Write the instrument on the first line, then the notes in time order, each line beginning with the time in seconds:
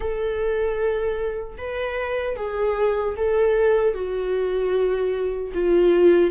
viola
0.00 A4
1.57 B4
2.36 G#4
3.16 A4
3.94 F#4
5.54 F4